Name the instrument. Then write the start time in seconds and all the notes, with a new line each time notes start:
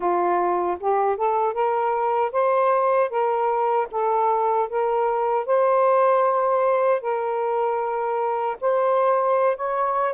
saxophone
0.00 F4
0.80 G4
1.17 A4
1.53 A#4
2.32 C5
3.10 A#4
3.91 A4
4.69 A#4
5.46 C5
7.01 A#4
8.60 C5
9.56 C#5